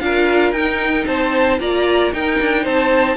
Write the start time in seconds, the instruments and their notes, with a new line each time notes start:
0.00 cello D4, viola F4, violin A#4 F5
0.52 cello D#4, viola D#4, violin G5
1.07 cello C4, violin C5 A5
1.60 cello A#3, viola F4, violin D5 A#5
2.13 viola D#4, cello D#4, violin A#4 G5
2.40 cello D4
2.64 cello C4, violin C5 A5